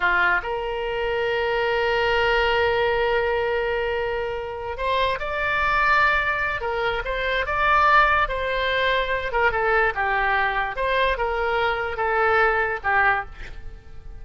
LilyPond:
\new Staff \with { instrumentName = "oboe" } { \time 4/4 \tempo 4 = 145 f'4 ais'2.~ | ais'1~ | ais'2.~ ais'8 c''8~ | c''8 d''2.~ d''8 |
ais'4 c''4 d''2 | c''2~ c''8 ais'8 a'4 | g'2 c''4 ais'4~ | ais'4 a'2 g'4 | }